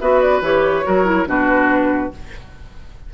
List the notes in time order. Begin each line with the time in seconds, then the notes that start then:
0.00 B3 F#4 B4 E5
0.21 D5
0.41 E3 G4 C#5
0.83 F#3 F#4 A#4
1.04 E4
1.26 B2 D4 F#4 B4